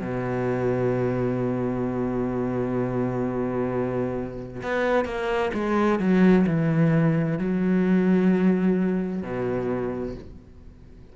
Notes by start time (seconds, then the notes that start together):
0.00 B2
4.62 B3
5.05 A#3
5.53 G#3
5.99 F#3
6.46 E3
7.38 F#3
9.22 B2